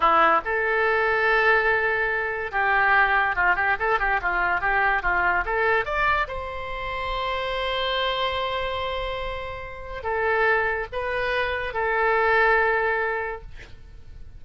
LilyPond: \new Staff \with { instrumentName = "oboe" } { \time 4/4 \tempo 4 = 143 e'4 a'2.~ | a'2 g'2 | f'8 g'8 a'8 g'8 f'4 g'4 | f'4 a'4 d''4 c''4~ |
c''1~ | c''1 | a'2 b'2 | a'1 | }